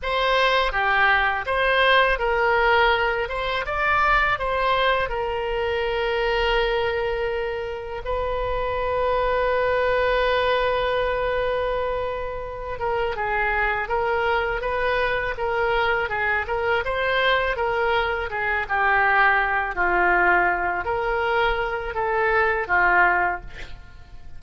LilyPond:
\new Staff \with { instrumentName = "oboe" } { \time 4/4 \tempo 4 = 82 c''4 g'4 c''4 ais'4~ | ais'8 c''8 d''4 c''4 ais'4~ | ais'2. b'4~ | b'1~ |
b'4. ais'8 gis'4 ais'4 | b'4 ais'4 gis'8 ais'8 c''4 | ais'4 gis'8 g'4. f'4~ | f'8 ais'4. a'4 f'4 | }